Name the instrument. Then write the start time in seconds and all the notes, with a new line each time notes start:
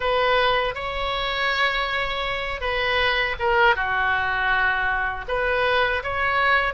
oboe
0.00 B4
0.74 C#5
2.60 B4
3.39 A#4
3.75 F#4
5.27 B4
6.03 C#5